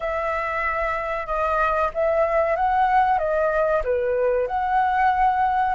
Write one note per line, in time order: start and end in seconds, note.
0.00 1.26 E5
1.26 1.90 D#5
1.94 2.56 E5
2.56 3.18 F#5
3.18 3.82 D#5
3.84 4.47 B4
4.47 5.74 F#5